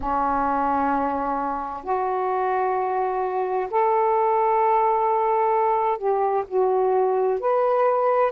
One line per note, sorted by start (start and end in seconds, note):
0.00 1.83 C#4
1.83 3.68 F#4
3.70 5.97 A4
5.97 6.44 G4
6.47 7.40 F#4
7.40 8.32 B4